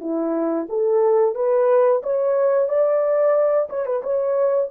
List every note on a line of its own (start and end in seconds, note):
0.00 0.67 E4
0.69 1.35 A4
1.35 2.02 B4
2.02 2.68 C#5
2.68 3.68 D5
3.69 3.85 C#5
3.85 4.02 B4
4.02 4.69 C#5